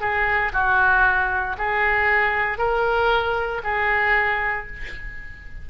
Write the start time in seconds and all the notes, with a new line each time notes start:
0.00 G#4
0.53 F#4
1.58 G#4
2.58 A#4
3.63 G#4